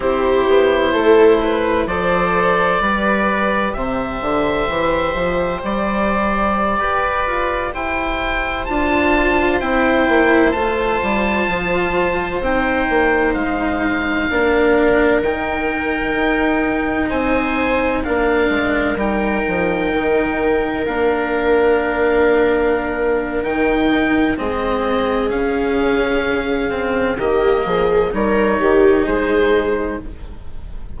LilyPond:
<<
  \new Staff \with { instrumentName = "oboe" } { \time 4/4 \tempo 4 = 64 c''2 d''2 | e''2 d''2~ | d''16 g''4 a''4 g''4 a''8.~ | a''4~ a''16 g''4 f''4.~ f''16~ |
f''16 g''2 gis''4 f''8.~ | f''16 g''2 f''4.~ f''16~ | f''4 g''4 dis''4 f''4~ | f''4 dis''4 cis''4 c''4 | }
  \new Staff \with { instrumentName = "viola" } { \time 4/4 g'4 a'8 b'8 c''4 b'4 | c''2.~ c''16 b'8.~ | b'16 c''2.~ c''8.~ | c''2.~ c''16 ais'8.~ |
ais'2~ ais'16 c''4 ais'8.~ | ais'1~ | ais'2 gis'2~ | gis'4 g'8 gis'8 ais'8 g'8 gis'4 | }
  \new Staff \with { instrumentName = "cello" } { \time 4/4 e'2 a'4 g'4~ | g'1~ | g'4~ g'16 f'4 e'4 f'8.~ | f'4~ f'16 dis'2 d'8.~ |
d'16 dis'2. d'8.~ | d'16 dis'2 d'4.~ d'16~ | d'4 dis'4 c'4 cis'4~ | cis'8 c'8 ais4 dis'2 | }
  \new Staff \with { instrumentName = "bassoon" } { \time 4/4 c'8 b8 a4 f4 g4 | c8 d8 e8 f8 g4~ g16 g'8 f'16~ | f'16 e'4 d'4 c'8 ais8 a8 g16~ | g16 f4 c'8 ais8 gis4 ais8.~ |
ais16 dis4 dis'4 c'4 ais8 gis16~ | gis16 g8 f8 dis4 ais4.~ ais16~ | ais4 dis4 gis4 cis4~ | cis4 dis8 f8 g8 dis8 gis4 | }
>>